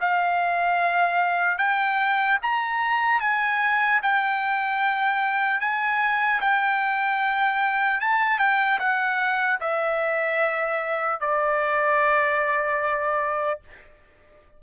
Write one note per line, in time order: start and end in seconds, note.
0.00 1.58 F5
1.58 2.38 G5
2.42 3.20 A#5
3.20 4.00 G#5
4.02 5.60 G5
5.60 6.40 G#5
6.40 8.00 G5
8.00 8.38 A5
8.38 8.78 G5
8.79 9.59 F#5
9.60 11.20 E5
11.20 13.60 D5